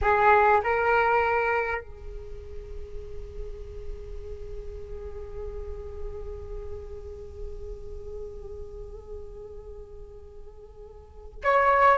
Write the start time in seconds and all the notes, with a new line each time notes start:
0.01 G#4
0.63 A#4
1.81 G#4
11.43 C#5